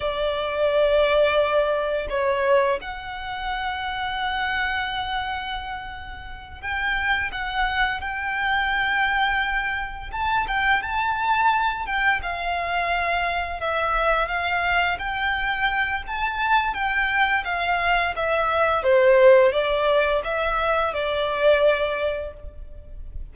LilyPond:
\new Staff \with { instrumentName = "violin" } { \time 4/4 \tempo 4 = 86 d''2. cis''4 | fis''1~ | fis''4. g''4 fis''4 g''8~ | g''2~ g''8 a''8 g''8 a''8~ |
a''4 g''8 f''2 e''8~ | e''8 f''4 g''4. a''4 | g''4 f''4 e''4 c''4 | d''4 e''4 d''2 | }